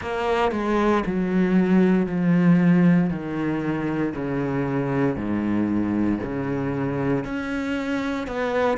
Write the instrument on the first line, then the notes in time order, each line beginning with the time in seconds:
cello
0.01 A#3
0.51 G#3
1.06 F#3
2.06 F3
3.10 D#3
4.15 C#3
5.15 G#2
6.23 C#3
7.24 C#4
8.27 B3